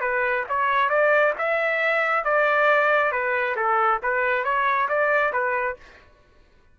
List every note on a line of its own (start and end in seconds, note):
0.00 0.44 B4
0.49 0.89 C#5
0.89 1.33 D5
1.38 2.24 E5
2.24 3.11 D5
3.11 3.55 B4
3.56 4.00 A4
4.02 4.44 B4
4.44 4.88 C#5
4.88 5.32 D5
5.32 5.76 B4